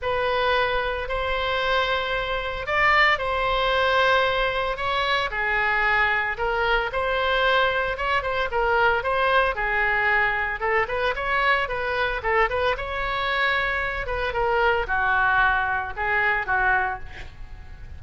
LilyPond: \new Staff \with { instrumentName = "oboe" } { \time 4/4 \tempo 4 = 113 b'2 c''2~ | c''4 d''4 c''2~ | c''4 cis''4 gis'2 | ais'4 c''2 cis''8 c''8 |
ais'4 c''4 gis'2 | a'8 b'8 cis''4 b'4 a'8 b'8 | cis''2~ cis''8 b'8 ais'4 | fis'2 gis'4 fis'4 | }